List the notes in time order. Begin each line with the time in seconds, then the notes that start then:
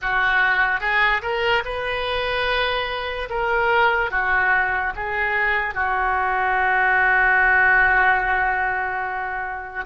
0.01 F#4
0.80 G#4
1.22 A#4
1.64 B4
3.29 A#4
4.11 F#4
4.95 G#4
5.74 F#4